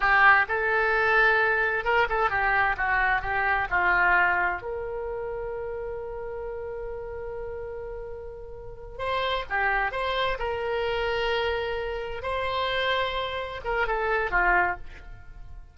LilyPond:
\new Staff \with { instrumentName = "oboe" } { \time 4/4 \tempo 4 = 130 g'4 a'2. | ais'8 a'8 g'4 fis'4 g'4 | f'2 ais'2~ | ais'1~ |
ais'2.~ ais'8 c''8~ | c''8 g'4 c''4 ais'4.~ | ais'2~ ais'8 c''4.~ | c''4. ais'8 a'4 f'4 | }